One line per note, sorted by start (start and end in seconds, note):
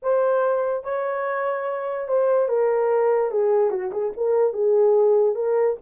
0.02 0.84 C5
0.84 2.07 C#5
2.07 2.48 C5
2.48 3.31 A#4
3.31 3.70 G#4
3.70 3.91 F#4
3.91 4.12 G#4
4.16 4.53 A#4
4.53 5.35 G#4
5.35 5.76 A#4